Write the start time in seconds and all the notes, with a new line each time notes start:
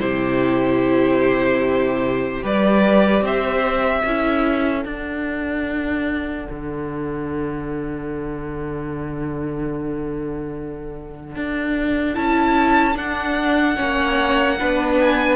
0.00 C3 E4 G4 C5
2.42 G3 G4 B4 D5
3.21 C4 C5 E5
4.05 C#4 E4 A4
4.85 D4 F#5
6.50 D3
11.36 D4
12.15 C#4 E4 A5
12.95 D4 F#5
13.76 A#3 C#4 C#5
14.59 B3 D4 B4
15.01 G#5